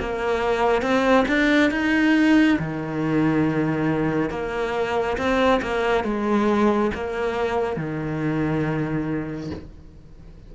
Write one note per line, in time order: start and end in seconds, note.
0.00 0.82 A#3
0.82 1.26 C4
1.28 1.71 D4
1.71 2.58 D#4
2.59 4.30 D#3
4.30 5.17 A#3
5.18 5.61 C4
5.62 6.04 A#3
6.04 6.91 G#3
6.95 7.77 A#3
7.77 9.51 D#3